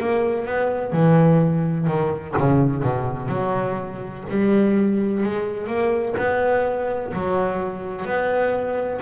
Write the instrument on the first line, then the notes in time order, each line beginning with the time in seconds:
double bass
0.00 A#3
0.46 B3
0.93 E3
1.87 D#3
2.38 C#3
2.83 B2
3.29 F#3
4.29 G3
5.23 G#3
5.67 A#3
6.17 B3
7.13 F#3
8.05 B3